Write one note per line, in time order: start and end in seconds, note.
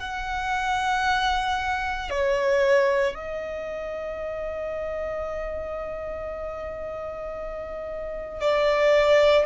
0.00 2.11 F#5
2.11 3.15 C#5
3.15 8.41 D#5
8.41 9.46 D5